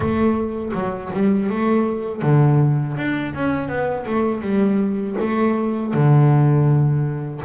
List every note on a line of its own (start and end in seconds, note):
0.00 0.71 A3
0.74 1.11 F#3
1.13 1.49 G3
1.49 2.22 A3
2.22 2.96 D3
2.96 3.33 D4
3.34 3.68 C#4
3.68 4.05 B3
4.06 4.41 A3
4.41 5.15 G3
5.20 5.93 A3
5.93 7.41 D3